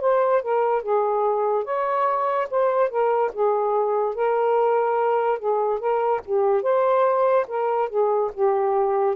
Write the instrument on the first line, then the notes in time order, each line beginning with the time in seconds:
saxophone
0.00 C5
0.42 A#4
0.82 G#4
1.64 C#5
2.50 C5
2.89 A#4
3.33 G#4
4.14 A#4
5.39 G#4
5.79 A#4
6.25 G4
6.62 C5
7.47 A#4
7.89 G#4
8.33 G4